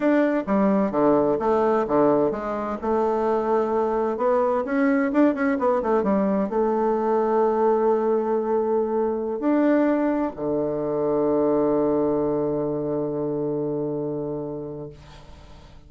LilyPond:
\new Staff \with { instrumentName = "bassoon" } { \time 4/4 \tempo 4 = 129 d'4 g4 d4 a4 | d4 gis4 a2~ | a4 b4 cis'4 d'8 cis'8 | b8 a8 g4 a2~ |
a1~ | a16 d'2 d4.~ d16~ | d1~ | d1 | }